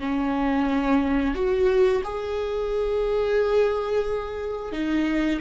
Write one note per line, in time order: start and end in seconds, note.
0.00 1.35 C#4
1.35 2.02 F#4
2.04 4.73 G#4
4.73 5.40 D#4